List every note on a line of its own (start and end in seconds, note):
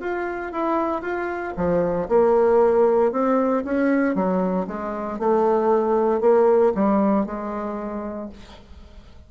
0.00 0.52 F4
0.52 1.02 E4
1.02 1.53 F4
1.56 2.08 F3
2.08 3.12 A#3
3.12 3.63 C4
3.64 4.15 C#4
4.15 4.66 F#3
4.67 5.19 G#3
5.19 6.20 A3
6.20 6.72 A#3
6.74 7.26 G3
7.26 8.29 G#3